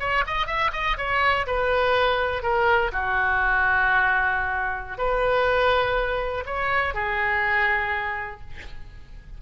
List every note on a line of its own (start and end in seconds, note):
0.00 0.24 C#5
0.27 0.47 D#5
0.47 0.71 E5
0.73 0.97 D#5
0.98 1.47 C#5
1.47 2.43 B4
2.43 2.92 A#4
2.93 4.98 F#4
4.98 6.45 B4
6.46 6.95 C#5
6.95 8.41 G#4